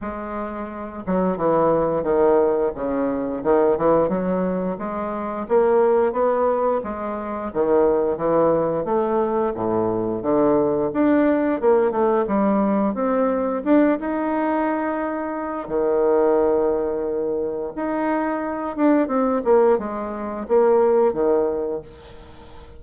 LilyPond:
\new Staff \with { instrumentName = "bassoon" } { \time 4/4 \tempo 4 = 88 gis4. fis8 e4 dis4 | cis4 dis8 e8 fis4 gis4 | ais4 b4 gis4 dis4 | e4 a4 a,4 d4 |
d'4 ais8 a8 g4 c'4 | d'8 dis'2~ dis'8 dis4~ | dis2 dis'4. d'8 | c'8 ais8 gis4 ais4 dis4 | }